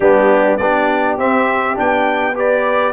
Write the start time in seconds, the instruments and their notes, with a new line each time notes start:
0.00 tuba G3, trombone B3, horn D4, trumpet G4
0.57 tuba B3, trombone D4, horn G4, trumpet D5
1.17 tuba C4, trombone C4, trumpet E5
1.74 tuba B3, trombone D4, trumpet G5
2.35 trombone G4, horn B4, trumpet D5